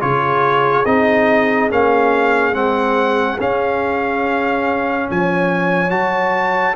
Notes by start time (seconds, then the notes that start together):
0.00 C#3 F4 G#4 C#5
0.85 C4 D#4 D#5
1.70 A#3 C#4 F5
2.53 G#3 C4 F#5
3.39 C#4 F5
5.10 F3 C#5 G#5
5.90 F#3 F#4 A5